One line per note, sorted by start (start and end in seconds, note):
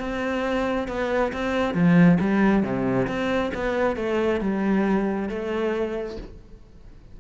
0.00 0.88 C4
0.88 1.33 B3
1.33 1.75 C4
1.75 2.19 F3
2.21 2.63 G3
2.63 3.07 C3
3.08 3.52 C4
3.55 3.97 B3
3.97 4.41 A3
4.41 5.29 G3
5.29 6.18 A3